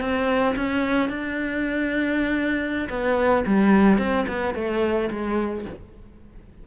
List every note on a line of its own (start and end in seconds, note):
0.00 0.55 C4
0.55 1.09 C#4
1.09 2.88 D4
2.89 3.44 B3
3.46 3.98 G3
3.98 4.25 C4
4.27 4.54 B3
4.54 5.09 A3
5.10 5.65 G#3